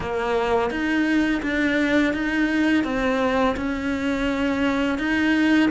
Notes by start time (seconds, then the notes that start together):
0.00 A#3
0.70 D#4
1.42 D4
2.13 D#4
2.84 C4
3.56 C#4
4.98 D#4